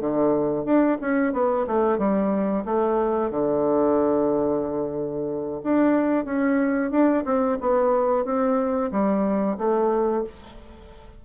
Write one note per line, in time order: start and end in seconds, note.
0.00 0.65 D3
0.65 0.98 D4
1.01 1.33 C#4
1.33 1.66 B3
1.67 1.98 A3
1.98 2.64 G3
2.65 3.31 A3
3.31 5.61 D3
5.63 6.25 D4
6.25 6.91 C#4
6.91 7.24 D4
7.25 7.58 C4
7.61 8.25 B3
8.25 8.91 C4
8.91 9.57 G3
9.58 10.23 A3